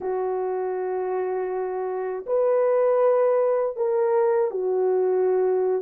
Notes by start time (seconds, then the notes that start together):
0.00 F#4
2.26 B4
3.76 A#4
4.50 F#4